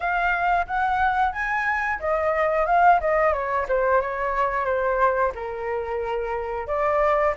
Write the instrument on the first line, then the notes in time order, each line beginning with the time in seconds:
flute
0.00 F5
0.66 F#5
1.32 G#5
1.99 D#5
2.66 F5
3.00 D#5
3.33 C#5
3.68 C5
4.01 C#5
4.65 C5
5.34 A#4
6.67 D5